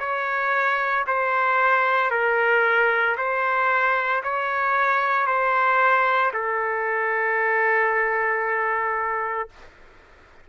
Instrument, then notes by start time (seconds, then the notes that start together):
trumpet
0.00 C#5
1.07 C5
2.11 A#4
3.18 C5
4.24 C#5
5.27 C5
6.34 A4